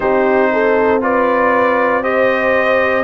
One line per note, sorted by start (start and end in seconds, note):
0.00 3.03 C4
0.00 1.01 D#4
0.00 0.50 G4
0.00 1.01 C5
0.52 1.02 A4
1.01 2.02 F4
1.01 2.02 B4
1.01 2.03 D5
2.02 3.03 G4
2.02 3.03 C5
2.02 3.03 D#5